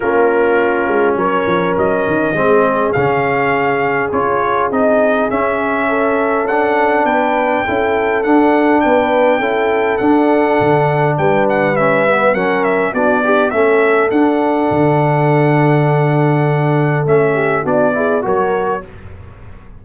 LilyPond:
<<
  \new Staff \with { instrumentName = "trumpet" } { \time 4/4 \tempo 4 = 102 ais'2 cis''4 dis''4~ | dis''4 f''2 cis''4 | dis''4 e''2 fis''4 | g''2 fis''4 g''4~ |
g''4 fis''2 g''8 fis''8 | e''4 fis''8 e''8 d''4 e''4 | fis''1~ | fis''4 e''4 d''4 cis''4 | }
  \new Staff \with { instrumentName = "horn" } { \time 4/4 f'2 ais'2 | gis'1~ | gis'2 a'2 | b'4 a'2 b'4 |
a'2. b'4~ | b'4 ais'4 fis'8 d'8 a'4~ | a'1~ | a'4. g'8 fis'8 gis'8 ais'4 | }
  \new Staff \with { instrumentName = "trombone" } { \time 4/4 cis'1 | c'4 cis'2 f'4 | dis'4 cis'2 d'4~ | d'4 e'4 d'2 |
e'4 d'2. | cis'8 b8 cis'4 d'8 g'8 cis'4 | d'1~ | d'4 cis'4 d'8 e'8 fis'4 | }
  \new Staff \with { instrumentName = "tuba" } { \time 4/4 ais4. gis8 fis8 f8 fis8 dis8 | gis4 cis2 cis'4 | c'4 cis'2. | b4 cis'4 d'4 b4 |
cis'4 d'4 d4 g4~ | g4 fis4 b4 a4 | d'4 d2.~ | d4 a4 b4 fis4 | }
>>